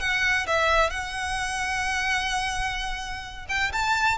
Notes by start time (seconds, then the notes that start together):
0.00 F#5
0.47 E5
0.90 F#5
3.49 G5
3.73 A5